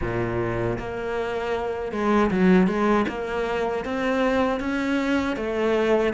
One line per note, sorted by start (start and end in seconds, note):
0.01 0.78 A#2
0.78 1.92 A#3
1.92 2.30 G#3
2.30 2.67 F#3
2.67 3.05 G#3
3.08 3.85 A#3
3.85 4.60 C4
4.60 5.36 C#4
5.36 6.13 A3